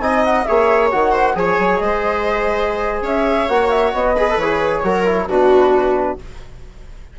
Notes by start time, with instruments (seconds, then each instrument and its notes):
0.00 bassoon C4, trombone D#4, viola D#5, flute G#5
0.25 flute F#5
0.44 bassoon A#3, trombone G#4, viola C#5, flute E5
0.91 bassoon D#3, trombone F#4, flute F#5
1.12 viola C5
1.35 bassoon F3, trombone G#4, viola C#5, flute G#5
1.59 bassoon F#3
1.77 bassoon G#3, flute D#5
1.83 viola C5
3.01 bassoon C#4, viola C#5, flute E5
3.49 bassoon A#3, trombone F#4, flute F#5
3.70 flute E5
3.93 bassoon B3, flute D#5
4.16 trombone G#4, viola B4
4.30 trombone A4
4.37 bassoon E3, trombone G#4, flute C#5
4.83 bassoon F#3, trombone F#4, viola A#4
5.06 trombone E4
5.28 bassoon B2, trombone D4, viola F#4, flute B4